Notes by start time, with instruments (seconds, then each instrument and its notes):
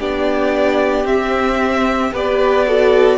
0.00 cello B3, viola D4, violin G4 D5
1.05 cello C4, viola C4, violin E5
2.12 cello B3, viola G4, violin B4 D5
2.68 viola F#4, violin A4